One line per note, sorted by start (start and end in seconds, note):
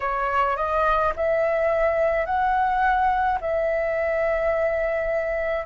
0.00 0.56 C#5
0.56 1.13 D#5
1.16 2.25 E5
2.25 3.39 F#5
3.40 5.65 E5